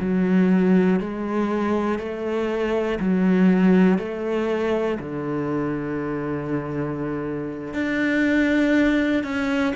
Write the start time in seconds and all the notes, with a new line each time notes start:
0.00 F#3
1.00 G#3
1.99 A3
3.00 F#3
3.99 A3
5.00 D3
7.74 D4
9.24 C#4